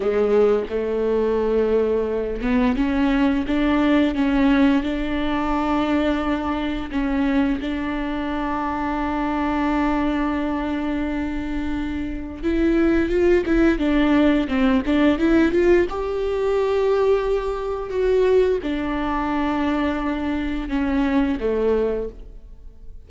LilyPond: \new Staff \with { instrumentName = "viola" } { \time 4/4 \tempo 4 = 87 gis4 a2~ a8 b8 | cis'4 d'4 cis'4 d'4~ | d'2 cis'4 d'4~ | d'1~ |
d'2 e'4 f'8 e'8 | d'4 c'8 d'8 e'8 f'8 g'4~ | g'2 fis'4 d'4~ | d'2 cis'4 a4 | }